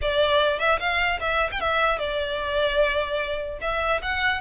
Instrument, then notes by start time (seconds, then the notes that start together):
violin
0.01 D5
0.59 E5
0.79 F5
1.20 E5
1.51 G5
1.60 E5
1.99 D5
3.61 E5
4.02 F#5